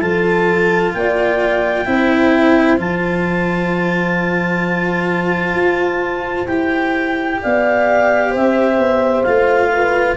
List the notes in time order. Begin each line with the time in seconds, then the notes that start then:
0.00 F3 F4 A4 A5
0.93 A#3 D5 G5
1.85 C4 E4 C5
2.77 F3 F4 A5
5.55 F4
6.47 E4 G4 G5
7.42 B3 D5 F5
8.30 C4 C5 E5
8.78 B3
9.23 A3 F4 F5
9.72 B4